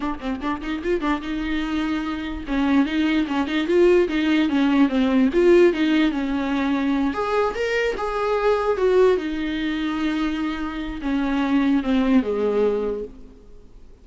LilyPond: \new Staff \with { instrumentName = "viola" } { \time 4/4 \tempo 4 = 147 d'8 c'8 d'8 dis'8 f'8 d'8 dis'4~ | dis'2 cis'4 dis'4 | cis'8 dis'8 f'4 dis'4 cis'4 | c'4 f'4 dis'4 cis'4~ |
cis'4. gis'4 ais'4 gis'8~ | gis'4. fis'4 dis'4.~ | dis'2. cis'4~ | cis'4 c'4 gis2 | }